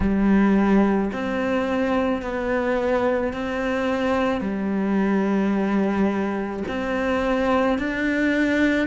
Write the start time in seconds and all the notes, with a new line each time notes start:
0.00 G3
1.12 C4
2.22 B3
3.33 C4
4.40 G3
6.68 C4
7.78 D4